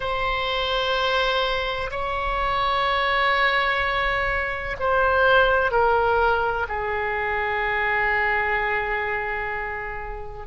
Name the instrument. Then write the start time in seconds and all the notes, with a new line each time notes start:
oboe
0.00 C5
1.90 C#5
4.79 C5
5.71 A#4
6.68 G#4